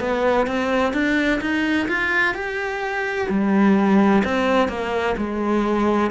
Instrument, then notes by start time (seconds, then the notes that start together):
cello
0.00 B3
0.47 C4
0.93 D4
1.41 D#4
1.88 F4
2.35 G4
3.29 G3
4.25 C4
4.69 A#3
5.17 G#3